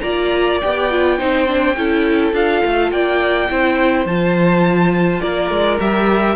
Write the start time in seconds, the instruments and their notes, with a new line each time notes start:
0.00 cello A#3, viola F4, violin D5 A#5
0.61 cello B3, viola G4, violin G5
0.91 viola F4
1.18 cello C4, viola D#4, violin C5
1.47 viola D4
1.76 cello C#4, viola E4, violin A4
2.33 cello D4, viola F4, violin F5
2.65 cello A3
2.91 cello A#3, violin D5 G5
3.49 cello C4, viola E4, violin C5
4.05 cello F3, viola F4, violin A5
5.21 cello A#3, violin A#4 D5
5.50 cello G#3
5.79 cello G3, viola G4, violin E5